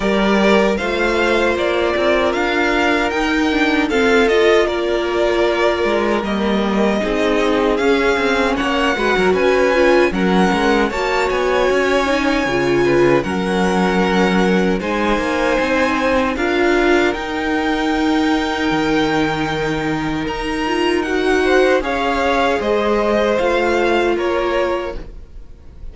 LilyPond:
<<
  \new Staff \with { instrumentName = "violin" } { \time 4/4 \tempo 4 = 77 d''4 f''4 d''4 f''4 | g''4 f''8 dis''8 d''2 | dis''2 f''4 fis''4 | gis''4 fis''4 a''8 gis''4.~ |
gis''4 fis''2 gis''4~ | gis''4 f''4 g''2~ | g''2 ais''4 fis''4 | f''4 dis''4 f''4 cis''4 | }
  \new Staff \with { instrumentName = "violin" } { \time 4/4 ais'4 c''4. ais'4.~ | ais'4 a'4 ais'2~ | ais'4 gis'2 cis''8 b'16 ais'16 | b'4 ais'4 cis''2~ |
cis''8 b'8 ais'2 c''4~ | c''4 ais'2.~ | ais'2.~ ais'8 c''8 | cis''4 c''2 ais'4 | }
  \new Staff \with { instrumentName = "viola" } { \time 4/4 g'4 f'2. | dis'8 d'8 c'8 f'2~ f'8 | ais4 dis'4 cis'4. fis'8~ | fis'8 f'8 cis'4 fis'4. dis'8 |
f'4 cis'2 dis'4~ | dis'4 f'4 dis'2~ | dis'2~ dis'8 f'8 fis'4 | gis'2 f'2 | }
  \new Staff \with { instrumentName = "cello" } { \time 4/4 g4 a4 ais8 c'8 d'4 | dis'4 f'4 ais4. gis8 | g4 c'4 cis'8 c'8 ais8 gis16 fis16 | cis'4 fis8 gis8 ais8 b8 cis'4 |
cis4 fis2 gis8 ais8 | c'4 d'4 dis'2 | dis2 dis'2 | cis'4 gis4 a4 ais4 | }
>>